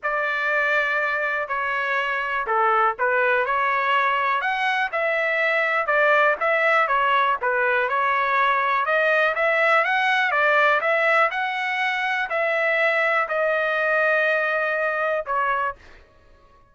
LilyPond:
\new Staff \with { instrumentName = "trumpet" } { \time 4/4 \tempo 4 = 122 d''2. cis''4~ | cis''4 a'4 b'4 cis''4~ | cis''4 fis''4 e''2 | d''4 e''4 cis''4 b'4 |
cis''2 dis''4 e''4 | fis''4 d''4 e''4 fis''4~ | fis''4 e''2 dis''4~ | dis''2. cis''4 | }